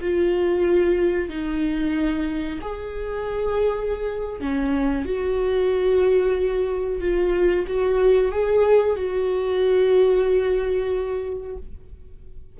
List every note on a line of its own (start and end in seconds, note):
0.00 1.29 F4
1.29 2.59 D#4
2.61 4.40 G#4
4.40 5.05 C#4
5.05 7.00 F#4
7.00 7.65 F4
7.67 8.31 F#4
8.31 8.96 G#4
8.96 11.56 F#4